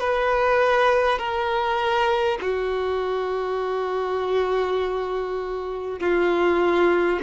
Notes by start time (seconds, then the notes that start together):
0.00 B4
1.18 A#4
2.41 F#4
5.99 F4